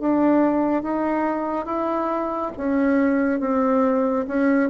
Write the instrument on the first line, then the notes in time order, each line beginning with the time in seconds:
bassoon
0.00 D4
0.83 D#4
1.66 E4
2.57 C#4
3.40 C4
4.28 C#4